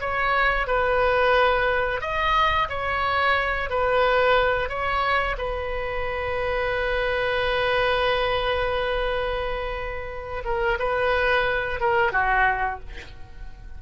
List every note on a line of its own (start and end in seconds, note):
0.00 0.67 C#5
0.67 2.01 B4
2.01 2.68 D#5
2.69 3.70 C#5
3.70 4.69 B4
4.69 5.36 C#5
5.38 10.43 B4
10.44 10.78 A#4
10.79 11.80 B4
11.80 12.12 A#4
12.12 12.80 F#4